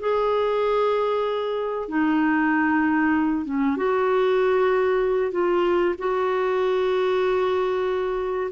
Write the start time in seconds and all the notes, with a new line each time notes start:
0.00 G#4
1.89 D#4
3.45 C#4
3.77 F#4
5.32 F4
5.98 F#4